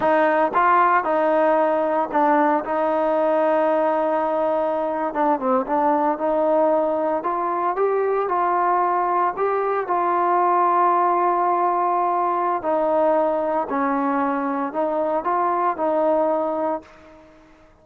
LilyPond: \new Staff \with { instrumentName = "trombone" } { \time 4/4 \tempo 4 = 114 dis'4 f'4 dis'2 | d'4 dis'2.~ | dis'4.~ dis'16 d'8 c'8 d'4 dis'16~ | dis'4.~ dis'16 f'4 g'4 f'16~ |
f'4.~ f'16 g'4 f'4~ f'16~ | f'1 | dis'2 cis'2 | dis'4 f'4 dis'2 | }